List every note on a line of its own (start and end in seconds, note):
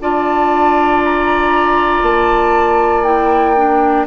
0.00 2.03 D4
0.00 3.04 F4
0.00 4.07 D5
0.00 1.03 A5
1.04 2.03 A#5
2.03 4.06 A#3
2.03 3.04 A5
3.04 3.55 E4
3.04 4.06 G5
3.56 4.07 D4